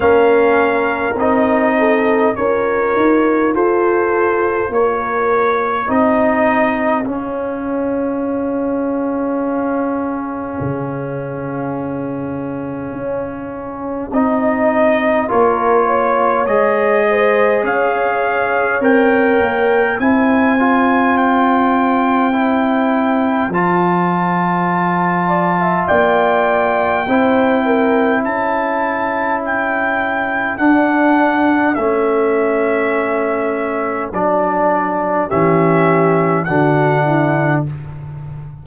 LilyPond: <<
  \new Staff \with { instrumentName = "trumpet" } { \time 4/4 \tempo 4 = 51 f''4 dis''4 cis''4 c''4 | cis''4 dis''4 f''2~ | f''1 | dis''4 cis''4 dis''4 f''4 |
g''4 gis''4 g''2 | a''2 g''2 | a''4 g''4 fis''4 e''4~ | e''4 d''4 e''4 fis''4 | }
  \new Staff \with { instrumentName = "horn" } { \time 4/4 ais'4. a'8 ais'4 a'4 | ais'4 gis'2.~ | gis'1~ | gis'4 ais'8 cis''4 c''8 cis''4~ |
cis''4 c''2.~ | c''4. d''16 e''16 d''4 c''8 ais'8 | a'1~ | a'2 g'4 fis'8 e'8 | }
  \new Staff \with { instrumentName = "trombone" } { \time 4/4 cis'4 dis'4 f'2~ | f'4 dis'4 cis'2~ | cis'1 | dis'4 f'4 gis'2 |
ais'4 e'8 f'4. e'4 | f'2. e'4~ | e'2 d'4 cis'4~ | cis'4 d'4 cis'4 d'4 | }
  \new Staff \with { instrumentName = "tuba" } { \time 4/4 ais4 c'4 cis'8 dis'8 f'4 | ais4 c'4 cis'2~ | cis'4 cis2 cis'4 | c'4 ais4 gis4 cis'4 |
c'8 ais8 c'2. | f2 ais4 c'4 | cis'2 d'4 a4~ | a4 fis4 e4 d4 | }
>>